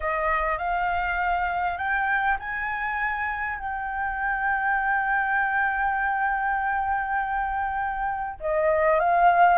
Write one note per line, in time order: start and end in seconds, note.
0.00 0.58 D#5
0.58 1.77 F5
1.77 2.37 G5
2.39 3.58 G#5
3.58 8.38 G5
8.40 8.99 D#5
8.99 9.58 F5